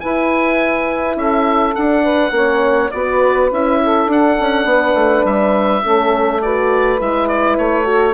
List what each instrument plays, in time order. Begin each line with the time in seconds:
0.00 horn E4, bassoon E4, saxophone B4, oboe G#5
1.17 bassoon C#4, saxophone A4, oboe E5
1.75 horn D4, bassoon D4, oboe F#5
2.03 saxophone B4
2.31 bassoon A#3, horn C#4, saxophone C#5
2.91 bassoon B3, horn F#4, saxophone B4, oboe D5
3.52 bassoon C#4, horn E4, oboe E5
3.83 saxophone A4
4.07 bassoon D4, horn D4, oboe F#5
4.40 bassoon C#4
4.65 bassoon B3, saxophone B4
4.95 bassoon A3
5.25 bassoon G3, oboe E5
5.82 bassoon A3, horn C#4, saxophone A4
6.42 horn F#4, saxophone B4, oboe D5
6.99 bassoon G#3, horn E4, oboe E5
7.28 oboe D5
7.58 bassoon A3, oboe C#5
7.84 horn F#4, saxophone A4